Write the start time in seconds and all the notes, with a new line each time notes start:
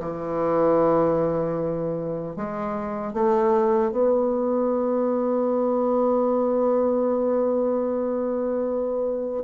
0.00 E3
2.36 G#3
3.14 A3
3.92 B3